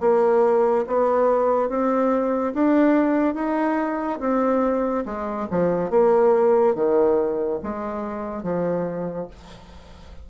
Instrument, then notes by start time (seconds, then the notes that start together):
bassoon
0.00 A#3
0.86 B3
1.69 C4
2.53 D4
3.34 D#4
4.19 C4
5.05 G#3
5.50 F3
5.90 A#3
6.75 D#3
7.62 G#3
8.42 F3